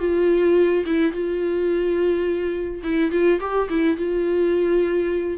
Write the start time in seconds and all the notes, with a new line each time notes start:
0.00 F4
0.86 E4
1.13 F4
2.84 E4
3.12 F4
3.41 G4
3.70 E4
3.98 F4